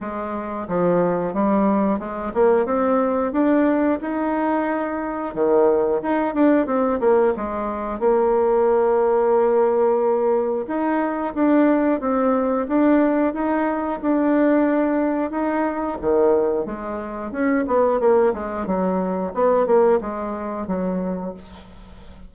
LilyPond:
\new Staff \with { instrumentName = "bassoon" } { \time 4/4 \tempo 4 = 90 gis4 f4 g4 gis8 ais8 | c'4 d'4 dis'2 | dis4 dis'8 d'8 c'8 ais8 gis4 | ais1 |
dis'4 d'4 c'4 d'4 | dis'4 d'2 dis'4 | dis4 gis4 cis'8 b8 ais8 gis8 | fis4 b8 ais8 gis4 fis4 | }